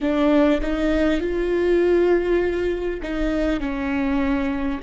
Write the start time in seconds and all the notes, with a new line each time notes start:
0.00 D4
0.61 D#4
1.20 F4
3.02 D#4
3.60 C#4